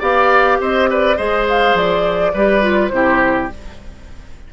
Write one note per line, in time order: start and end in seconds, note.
0.00 0.59 B3
0.00 1.16 G4
0.00 0.58 D5
0.00 0.60 F5
0.60 1.18 C4
0.60 0.90 C5
0.60 0.91 D#5
0.90 1.17 B4
0.90 1.17 D5
1.17 1.74 G#3
1.17 2.33 G#4
1.17 2.32 C5
1.17 1.46 D#5
1.49 1.77 F5
1.74 2.32 F3
1.74 2.88 D5
2.34 2.91 G3
2.34 2.62 G4
2.34 2.91 B4
2.62 2.90 F4
2.88 3.49 C3
2.88 3.50 E4
2.88 3.46 C5
2.95 3.53 G4